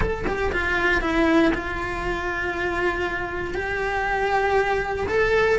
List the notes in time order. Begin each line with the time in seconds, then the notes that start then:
0.00 A4
0.26 G4
0.52 F4
1.01 E4
1.53 F4
3.54 G4
5.08 A4